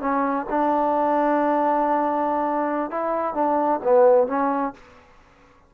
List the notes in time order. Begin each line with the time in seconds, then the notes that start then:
0.00 C#4
0.49 D4
2.90 E4
3.34 D4
3.83 B3
4.27 C#4